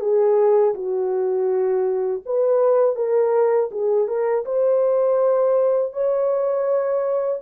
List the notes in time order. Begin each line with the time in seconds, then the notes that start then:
0.00 G#4
0.74 F#4
2.26 B4
2.96 A#4
3.71 G#4
4.08 A#4
4.45 C5
5.93 C#5